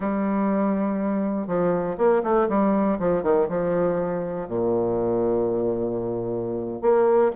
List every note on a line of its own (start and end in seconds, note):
0.00 1.47 G3
1.47 1.96 F3
1.97 2.22 A#3
2.23 2.47 A3
2.48 2.98 G3
2.99 3.22 F3
3.22 3.47 D#3
3.48 4.47 F3
4.47 6.81 A#2
6.81 7.31 A#3